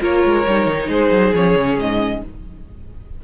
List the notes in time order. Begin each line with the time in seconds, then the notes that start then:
0.00 A#3 F4 A#4 C#5
0.24 G#3
0.47 G3 D#4
0.66 D#3
0.88 G#3 G#4 C5
1.10 F#3
1.34 F3 C#4 C#5
1.55 C#3
1.78 G#2 D#5